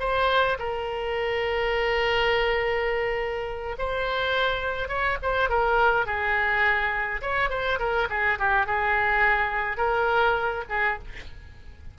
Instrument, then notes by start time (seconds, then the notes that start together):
oboe
0.00 C5
0.59 A#4
3.78 C5
4.89 C#5
5.23 C5
5.49 A#4
6.06 G#4
7.22 C#5
7.50 C5
7.79 A#4
8.10 G#4
8.39 G4
8.66 G#4
9.77 A#4
10.69 G#4